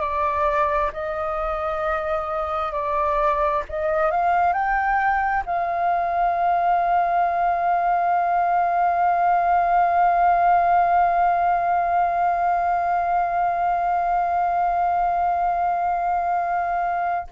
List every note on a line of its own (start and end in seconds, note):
0.00 0.91 D5
0.93 2.72 D#5
2.72 3.63 D5
3.69 4.11 D#5
4.11 4.53 F5
4.53 5.44 G5
5.45 17.27 F5